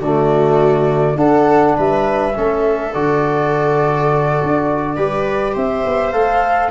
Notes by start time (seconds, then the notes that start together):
0.00 D3 A3 F#4 D5
1.16 D4 A4 F#5
1.77 G3 B4 E5
2.35 A3 C#4 A4
2.93 D3 F#4 D5
4.43 D4
4.96 G3 G4 B4
5.53 C4 C5 E5
5.86 B3
6.12 A3 A4 F5